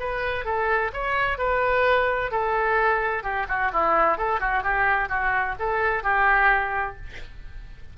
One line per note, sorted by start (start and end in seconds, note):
0.00 0.45 B4
0.45 0.91 A4
0.94 1.38 C#5
1.38 2.31 B4
2.32 3.23 A4
3.23 3.47 G4
3.48 3.72 F#4
3.73 4.18 E4
4.18 4.40 A4
4.40 4.63 F#4
4.64 5.09 G4
5.09 5.56 F#4
5.59 6.04 A4
6.04 6.97 G4